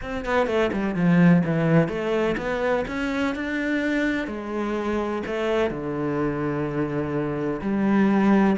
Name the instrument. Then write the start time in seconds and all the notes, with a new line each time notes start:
cello
0.02 C4
0.25 B3
0.46 A3
0.72 G3
0.95 F3
1.45 E3
1.88 A3
2.37 B3
2.87 C#4
3.35 D4
4.27 G#3
5.26 A3
5.70 D3
7.61 G3